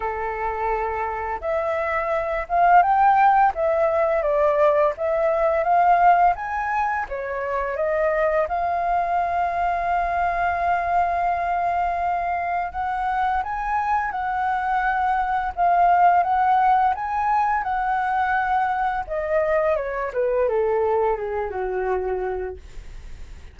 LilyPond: \new Staff \with { instrumentName = "flute" } { \time 4/4 \tempo 4 = 85 a'2 e''4. f''8 | g''4 e''4 d''4 e''4 | f''4 gis''4 cis''4 dis''4 | f''1~ |
f''2 fis''4 gis''4 | fis''2 f''4 fis''4 | gis''4 fis''2 dis''4 | cis''8 b'8 a'4 gis'8 fis'4. | }